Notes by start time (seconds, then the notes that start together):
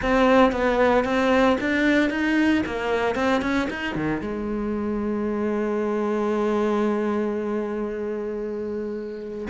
0.02 C4
0.52 B3
1.04 C4
1.60 D4
2.10 D#4
2.66 A#3
3.15 C4
3.41 C#4
3.70 D#4
3.95 D#3
4.21 G#3